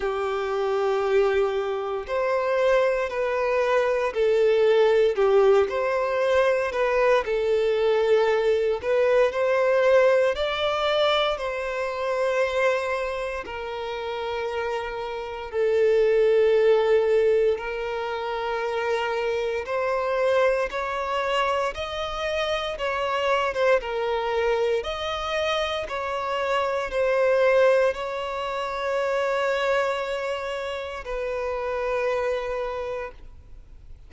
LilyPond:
\new Staff \with { instrumentName = "violin" } { \time 4/4 \tempo 4 = 58 g'2 c''4 b'4 | a'4 g'8 c''4 b'8 a'4~ | a'8 b'8 c''4 d''4 c''4~ | c''4 ais'2 a'4~ |
a'4 ais'2 c''4 | cis''4 dis''4 cis''8. c''16 ais'4 | dis''4 cis''4 c''4 cis''4~ | cis''2 b'2 | }